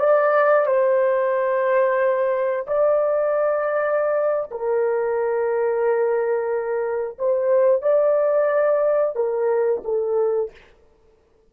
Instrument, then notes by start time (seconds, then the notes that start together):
horn
0.00 D5
0.66 C5
2.67 D5
4.51 A#4
7.19 C5
7.82 D5
9.16 A#4
9.85 A4